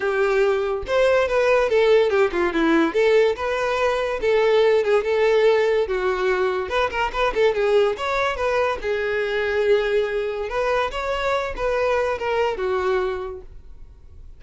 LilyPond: \new Staff \with { instrumentName = "violin" } { \time 4/4 \tempo 4 = 143 g'2 c''4 b'4 | a'4 g'8 f'8 e'4 a'4 | b'2 a'4. gis'8 | a'2 fis'2 |
b'8 ais'8 b'8 a'8 gis'4 cis''4 | b'4 gis'2.~ | gis'4 b'4 cis''4. b'8~ | b'4 ais'4 fis'2 | }